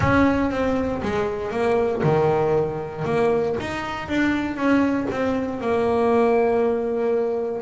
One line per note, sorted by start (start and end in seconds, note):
0.00 0.50 C#4
0.51 1.01 C4
1.02 1.51 G#3
1.51 2.02 A#3
2.03 3.05 D#3
3.05 3.55 A#3
3.60 4.08 D#4
4.08 4.56 D4
4.56 5.07 C#4
5.11 5.60 C4
5.60 7.61 A#3